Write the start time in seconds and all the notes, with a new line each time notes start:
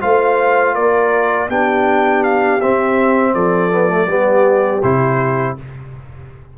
0.00 A3 F4 C5 F5
0.74 A#3 A#4 D5
1.48 B3 D4 G4 G5
2.23 F5
2.60 C4 E5
3.34 F3 A4 D5
3.71 B3
3.88 A3
4.06 G3 B3 G4
4.82 C3 E4 C5